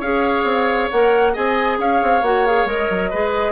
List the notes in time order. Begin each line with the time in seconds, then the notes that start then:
0.00 C#4 G#4 C#5 F5
0.43 C4
0.90 A#3 A#4 F#5
1.33 C4 G#4 D#5 G#5
1.78 C#4 C#5 F5
2.02 C4
2.22 A#3 F#4 F#5
2.46 G#4 F5
2.65 G#3 A#4 D#5
2.90 F#3
3.10 G#3 G#4 B4